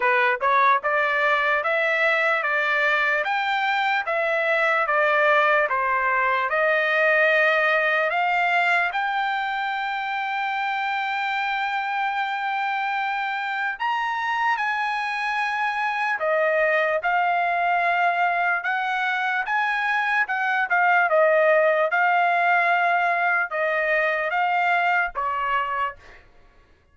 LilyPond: \new Staff \with { instrumentName = "trumpet" } { \time 4/4 \tempo 4 = 74 b'8 cis''8 d''4 e''4 d''4 | g''4 e''4 d''4 c''4 | dis''2 f''4 g''4~ | g''1~ |
g''4 ais''4 gis''2 | dis''4 f''2 fis''4 | gis''4 fis''8 f''8 dis''4 f''4~ | f''4 dis''4 f''4 cis''4 | }